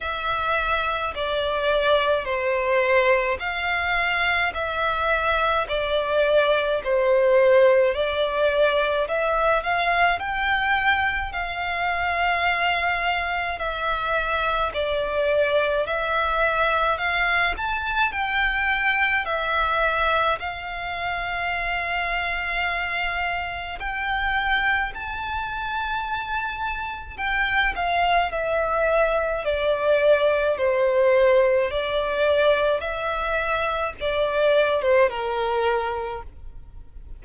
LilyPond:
\new Staff \with { instrumentName = "violin" } { \time 4/4 \tempo 4 = 53 e''4 d''4 c''4 f''4 | e''4 d''4 c''4 d''4 | e''8 f''8 g''4 f''2 | e''4 d''4 e''4 f''8 a''8 |
g''4 e''4 f''2~ | f''4 g''4 a''2 | g''8 f''8 e''4 d''4 c''4 | d''4 e''4 d''8. c''16 ais'4 | }